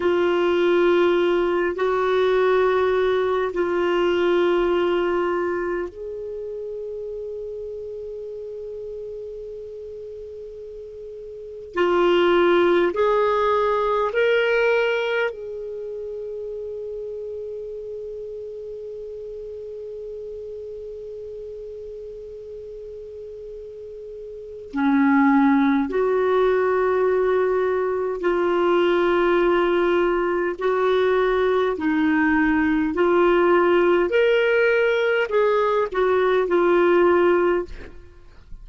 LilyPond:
\new Staff \with { instrumentName = "clarinet" } { \time 4/4 \tempo 4 = 51 f'4. fis'4. f'4~ | f'4 gis'2.~ | gis'2 f'4 gis'4 | ais'4 gis'2.~ |
gis'1~ | gis'4 cis'4 fis'2 | f'2 fis'4 dis'4 | f'4 ais'4 gis'8 fis'8 f'4 | }